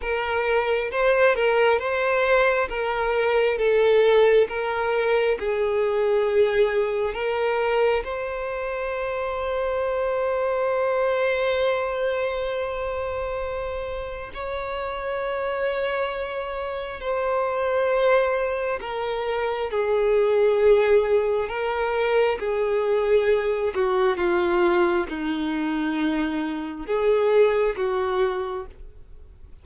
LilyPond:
\new Staff \with { instrumentName = "violin" } { \time 4/4 \tempo 4 = 67 ais'4 c''8 ais'8 c''4 ais'4 | a'4 ais'4 gis'2 | ais'4 c''2.~ | c''1 |
cis''2. c''4~ | c''4 ais'4 gis'2 | ais'4 gis'4. fis'8 f'4 | dis'2 gis'4 fis'4 | }